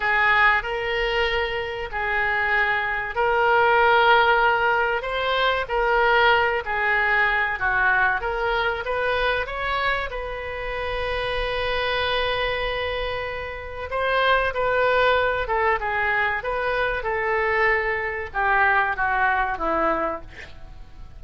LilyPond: \new Staff \with { instrumentName = "oboe" } { \time 4/4 \tempo 4 = 95 gis'4 ais'2 gis'4~ | gis'4 ais'2. | c''4 ais'4. gis'4. | fis'4 ais'4 b'4 cis''4 |
b'1~ | b'2 c''4 b'4~ | b'8 a'8 gis'4 b'4 a'4~ | a'4 g'4 fis'4 e'4 | }